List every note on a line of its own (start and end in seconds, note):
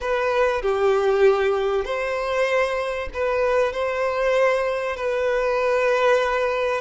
0.00 0.62 B4
0.62 1.84 G4
1.84 3.08 C5
3.13 3.72 B4
3.72 4.96 C5
4.96 6.81 B4